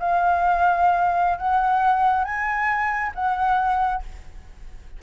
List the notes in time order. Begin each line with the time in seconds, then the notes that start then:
0.00 F5
1.39 F#5
2.25 G#5
3.15 F#5